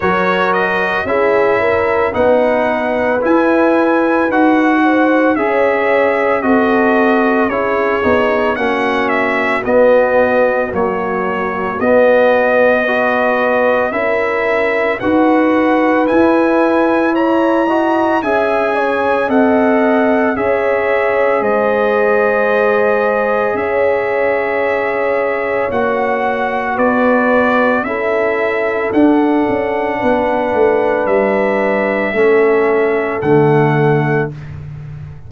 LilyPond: <<
  \new Staff \with { instrumentName = "trumpet" } { \time 4/4 \tempo 4 = 56 cis''8 dis''8 e''4 fis''4 gis''4 | fis''4 e''4 dis''4 cis''4 | fis''8 e''8 dis''4 cis''4 dis''4~ | dis''4 e''4 fis''4 gis''4 |
ais''4 gis''4 fis''4 e''4 | dis''2 e''2 | fis''4 d''4 e''4 fis''4~ | fis''4 e''2 fis''4 | }
  \new Staff \with { instrumentName = "horn" } { \time 4/4 ais'4 gis'8 ais'8 b'2~ | b'8 c''8 cis''4 a'4 gis'4 | fis'1 | b'4 ais'4 b'2 |
cis''8 dis''8 e''8 cis''8 dis''4 cis''4 | c''2 cis''2~ | cis''4 b'4 a'2 | b'2 a'2 | }
  \new Staff \with { instrumentName = "trombone" } { \time 4/4 fis'4 e'4 dis'4 e'4 | fis'4 gis'4 fis'4 e'8 dis'8 | cis'4 b4 fis4 b4 | fis'4 e'4 fis'4 e'4~ |
e'8 fis'8 gis'4 a'4 gis'4~ | gis'1 | fis'2 e'4 d'4~ | d'2 cis'4 a4 | }
  \new Staff \with { instrumentName = "tuba" } { \time 4/4 fis4 cis'4 b4 e'4 | dis'4 cis'4 c'4 cis'8 b8 | ais4 b4 ais4 b4~ | b4 cis'4 dis'4 e'4~ |
e'4 cis'4 c'4 cis'4 | gis2 cis'2 | ais4 b4 cis'4 d'8 cis'8 | b8 a8 g4 a4 d4 | }
>>